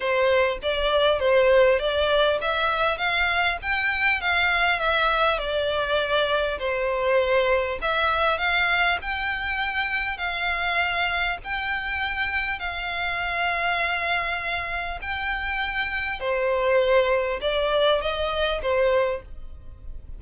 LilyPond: \new Staff \with { instrumentName = "violin" } { \time 4/4 \tempo 4 = 100 c''4 d''4 c''4 d''4 | e''4 f''4 g''4 f''4 | e''4 d''2 c''4~ | c''4 e''4 f''4 g''4~ |
g''4 f''2 g''4~ | g''4 f''2.~ | f''4 g''2 c''4~ | c''4 d''4 dis''4 c''4 | }